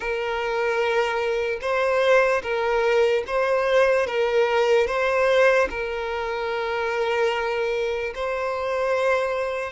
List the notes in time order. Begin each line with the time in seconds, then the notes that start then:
0.00 A#4
1.61 C5
2.42 A#4
3.27 C5
4.07 A#4
4.86 C5
5.70 A#4
8.14 C5